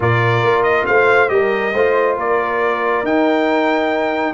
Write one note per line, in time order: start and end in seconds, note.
0.00 0.43 A#2
0.00 1.28 F4
0.00 0.87 A#4
0.00 0.63 D5
0.43 0.86 A#3
0.63 0.85 D#5
0.85 1.30 A3
0.85 1.31 C5
0.85 1.29 F5
1.28 1.73 G3
1.28 1.71 G4
1.28 1.73 A#4
1.28 2.15 D#5
1.73 2.17 A3
1.73 3.06 F4
1.73 2.16 C5
2.16 3.03 A#3
2.16 4.33 A#4
2.16 3.05 D5
3.03 4.33 D#4
3.03 4.33 G5